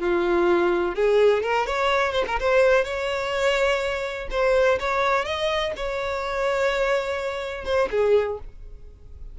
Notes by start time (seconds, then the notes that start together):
0.00 F4
0.96 G#4
1.43 A#4
1.67 C#5
2.13 C5
2.28 A#4
2.40 C5
2.85 C#5
4.31 C5
4.80 C#5
5.26 D#5
5.77 C#5
7.65 C5
7.91 G#4